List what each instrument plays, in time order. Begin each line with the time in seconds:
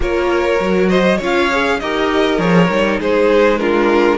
0.00 cello A#3, viola F4, violin A#4 C#5
0.59 cello F#3, viola F#4
0.88 violin C5 D#5
1.17 cello C#4, viola F4, violin C#5 F5
1.50 viola G#4
1.79 cello D#4, viola G4, violin A#4 D#5
2.38 cello F3, viola G#4, violin C#5
2.69 cello G3, viola D#4
3.00 cello G#3, violin G#4 C5
3.58 viola D4, violin F4 A#4